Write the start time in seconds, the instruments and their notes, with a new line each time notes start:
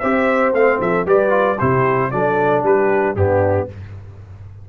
0.00 tuba C4, trombone G4, horn C5, trumpet E5
0.53 tuba A3, trombone C4, trumpet F5
0.81 tuba F3, horn A4, trumpet E5
1.06 tuba G3, trombone G4, horn B4, trumpet D5
1.30 trombone F4
1.59 tuba C3, trombone E4, horn G4, trumpet C5
2.12 tuba F#3, trombone D4, horn A4, trumpet D5
2.63 tuba G3, horn G4, trumpet B4
3.16 tuba G2, trombone B3, horn D4, trumpet G4